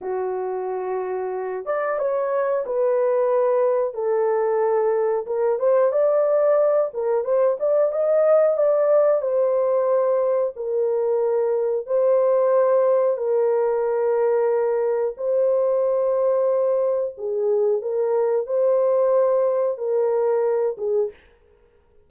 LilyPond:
\new Staff \with { instrumentName = "horn" } { \time 4/4 \tempo 4 = 91 fis'2~ fis'8 d''8 cis''4 | b'2 a'2 | ais'8 c''8 d''4. ais'8 c''8 d''8 | dis''4 d''4 c''2 |
ais'2 c''2 | ais'2. c''4~ | c''2 gis'4 ais'4 | c''2 ais'4. gis'8 | }